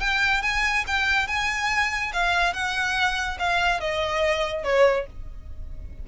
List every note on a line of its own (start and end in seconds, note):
0.00 0.42 G5
0.42 0.85 G#5
0.87 1.28 G5
1.28 2.12 G#5
2.13 2.53 F5
2.53 3.38 F#5
3.39 3.80 F5
3.80 4.64 D#5
4.64 5.06 C#5